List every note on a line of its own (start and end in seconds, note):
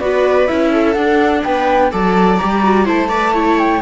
0.00 0.48 B3
0.00 0.48 F#4
0.00 0.72 B4
0.00 0.48 D5
0.48 0.96 C#4
0.48 0.96 E4
0.48 0.94 E5
0.72 1.43 A4
0.94 1.44 D4
0.94 1.91 D4
0.94 1.41 F#5
1.44 1.93 B3
1.44 1.92 B4
1.44 1.92 G5
1.91 2.41 F#3
1.91 2.39 A4
1.91 2.86 D5
1.91 2.38 A5
2.38 2.89 G3
2.38 2.64 G4
2.38 2.86 A#5
2.64 2.85 F#4
2.85 3.82 A3
2.85 3.09 E4
2.85 3.09 C5
2.85 3.59 A5
3.09 3.34 B4
3.09 3.33 D5
3.34 3.81 E4
3.34 3.82 C#5
3.59 3.82 G5